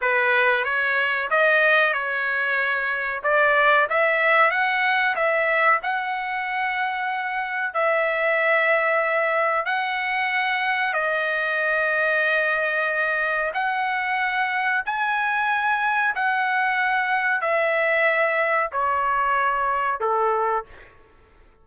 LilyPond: \new Staff \with { instrumentName = "trumpet" } { \time 4/4 \tempo 4 = 93 b'4 cis''4 dis''4 cis''4~ | cis''4 d''4 e''4 fis''4 | e''4 fis''2. | e''2. fis''4~ |
fis''4 dis''2.~ | dis''4 fis''2 gis''4~ | gis''4 fis''2 e''4~ | e''4 cis''2 a'4 | }